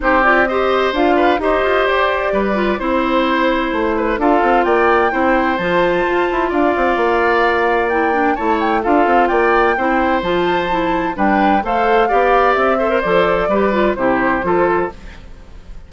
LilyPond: <<
  \new Staff \with { instrumentName = "flute" } { \time 4/4 \tempo 4 = 129 c''8 d''8 dis''4 f''4 dis''4 | d''2 c''2~ | c''4 f''4 g''2 | a''2 f''2~ |
f''4 g''4 a''8 g''8 f''4 | g''2 a''2 | g''4 f''2 e''4 | d''2 c''2 | }
  \new Staff \with { instrumentName = "oboe" } { \time 4/4 g'4 c''4. b'8 c''4~ | c''4 b'4 c''2~ | c''8 b'8 a'4 d''4 c''4~ | c''2 d''2~ |
d''2 cis''4 a'4 | d''4 c''2. | b'4 c''4 d''4. c''8~ | c''4 b'4 g'4 a'4 | }
  \new Staff \with { instrumentName = "clarinet" } { \time 4/4 dis'8 f'8 g'4 f'4 g'4~ | g'4. f'8 e'2~ | e'4 f'2 e'4 | f'1~ |
f'4 e'8 d'8 e'4 f'4~ | f'4 e'4 f'4 e'4 | d'4 a'4 g'4. a'16 ais'16 | a'4 g'8 f'8 e'4 f'4 | }
  \new Staff \with { instrumentName = "bassoon" } { \time 4/4 c'2 d'4 dis'8 f'8 | g'4 g4 c'2 | a4 d'8 c'8 ais4 c'4 | f4 f'8 e'8 d'8 c'8 ais4~ |
ais2 a4 d'8 c'8 | ais4 c'4 f2 | g4 a4 b4 c'4 | f4 g4 c4 f4 | }
>>